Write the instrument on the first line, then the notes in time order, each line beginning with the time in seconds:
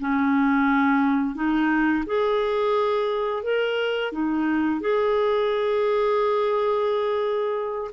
clarinet
0.00 C#4
1.35 D#4
2.07 G#4
3.44 A#4
4.13 D#4
4.81 G#4